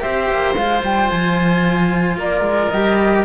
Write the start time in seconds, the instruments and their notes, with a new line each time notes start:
0.00 cello C4 G4, oboe C5, flute E5
0.31 cello A#3
0.55 cello G#3 F4, flute F5
0.83 cello G3, flute G5
1.10 cello F3, flute G#5
2.16 cello A#3, oboe A#4, flute D5
2.41 cello G#3
2.70 cello G3 G4, flute D#5